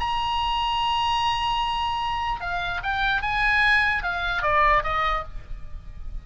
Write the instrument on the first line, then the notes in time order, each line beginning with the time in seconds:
oboe
0.00 A#5
2.41 F5
2.83 G5
3.22 G#5
4.03 F5
4.42 D5
4.83 D#5